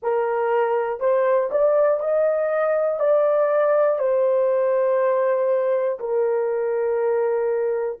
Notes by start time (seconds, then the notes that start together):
0.02 A#4
1.00 C5
1.50 D5
2.00 D#5
2.99 D5
3.99 C5
6.00 A#4